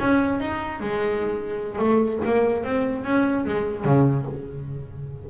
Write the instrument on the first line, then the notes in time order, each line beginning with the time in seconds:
double bass
0.00 C#4
0.40 D#4
0.81 G#3
1.79 A3
2.26 A#3
2.64 C4
3.05 C#4
3.46 G#3
3.85 C#3